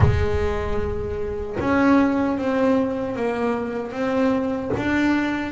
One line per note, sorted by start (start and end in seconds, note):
0.00 1.56 G#3
1.59 2.38 C#4
2.38 3.15 C4
3.15 3.92 A#3
3.92 4.70 C4
4.77 5.52 D4